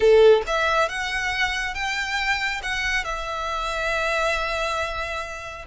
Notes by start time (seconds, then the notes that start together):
0.00 A4
0.47 E5
0.89 F#5
1.74 G5
2.62 F#5
3.04 E5